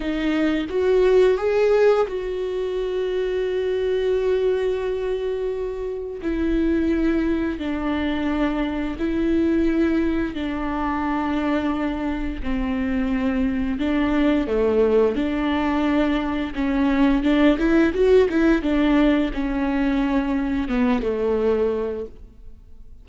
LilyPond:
\new Staff \with { instrumentName = "viola" } { \time 4/4 \tempo 4 = 87 dis'4 fis'4 gis'4 fis'4~ | fis'1~ | fis'4 e'2 d'4~ | d'4 e'2 d'4~ |
d'2 c'2 | d'4 a4 d'2 | cis'4 d'8 e'8 fis'8 e'8 d'4 | cis'2 b8 a4. | }